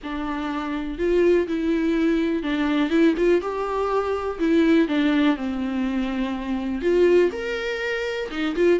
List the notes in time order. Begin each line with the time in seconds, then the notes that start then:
0.03 D4
0.98 F4
1.47 E4
2.42 D4
2.89 E4
3.17 F4
3.41 G4
4.39 E4
4.88 D4
5.36 C4
6.81 F4
7.32 A#4
8.30 D#4
8.55 F4